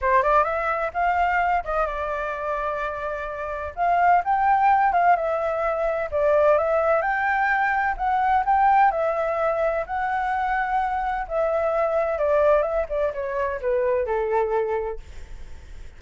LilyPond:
\new Staff \with { instrumentName = "flute" } { \time 4/4 \tempo 4 = 128 c''8 d''8 e''4 f''4. dis''8 | d''1 | f''4 g''4. f''8 e''4~ | e''4 d''4 e''4 g''4~ |
g''4 fis''4 g''4 e''4~ | e''4 fis''2. | e''2 d''4 e''8 d''8 | cis''4 b'4 a'2 | }